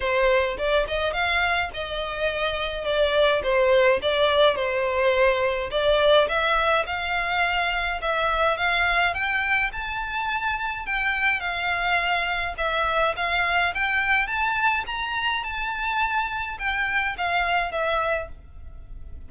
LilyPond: \new Staff \with { instrumentName = "violin" } { \time 4/4 \tempo 4 = 105 c''4 d''8 dis''8 f''4 dis''4~ | dis''4 d''4 c''4 d''4 | c''2 d''4 e''4 | f''2 e''4 f''4 |
g''4 a''2 g''4 | f''2 e''4 f''4 | g''4 a''4 ais''4 a''4~ | a''4 g''4 f''4 e''4 | }